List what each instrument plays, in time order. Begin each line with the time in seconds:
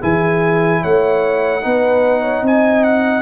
0.00 tuba E3, trombone E4, horn G#4, trumpet G#5
0.82 tuba A3, horn C#5, trumpet F#5
1.62 tuba B3, trombone D#4, horn B4
2.21 horn C#5
2.42 tuba C4, horn D#5, trumpet G#5
2.84 trumpet F#5